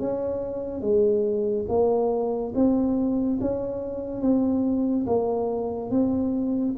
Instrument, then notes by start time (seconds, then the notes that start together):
tuba
0.00 C#4
0.81 G#3
1.69 A#3
2.55 C4
3.41 C#4
4.21 C4
5.07 A#3
5.90 C4